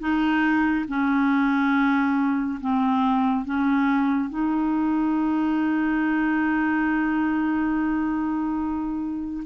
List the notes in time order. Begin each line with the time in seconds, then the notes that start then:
0.00 D#4
0.88 C#4
2.61 C4
3.45 C#4
4.30 D#4